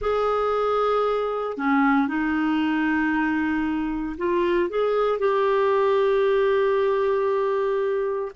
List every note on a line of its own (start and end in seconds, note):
0.01 1.57 G#4
1.57 2.07 C#4
2.07 4.16 D#4
4.17 4.69 F4
4.69 5.19 G#4
5.19 8.32 G4